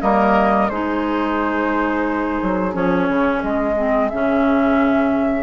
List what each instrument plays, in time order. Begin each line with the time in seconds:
0.00 bassoon G3, clarinet A#3, oboe A#4, flute D#5
0.69 bassoon G#3, clarinet D#4, oboe G#4, flute C5
2.42 bassoon F#3
2.73 bassoon F3, clarinet C#4, flute C#5
3.08 bassoon C#3
3.42 bassoon G#3, flute D#5
3.76 clarinet C4
4.09 bassoon C#3, clarinet C#4, flute E5